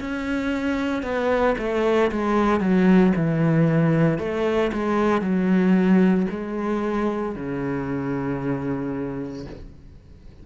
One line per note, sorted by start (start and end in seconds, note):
0.00 1.02 C#4
1.02 1.55 B3
1.58 2.11 A3
2.11 2.60 G#3
2.60 3.12 F#3
3.16 4.18 E3
4.18 4.71 A3
4.72 5.21 G#3
5.21 6.26 F#3
6.30 7.35 G#3
7.35 9.45 C#3